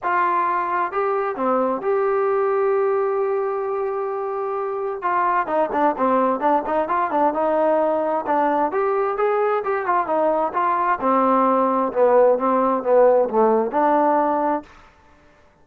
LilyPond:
\new Staff \with { instrumentName = "trombone" } { \time 4/4 \tempo 4 = 131 f'2 g'4 c'4 | g'1~ | g'2. f'4 | dis'8 d'8 c'4 d'8 dis'8 f'8 d'8 |
dis'2 d'4 g'4 | gis'4 g'8 f'8 dis'4 f'4 | c'2 b4 c'4 | b4 a4 d'2 | }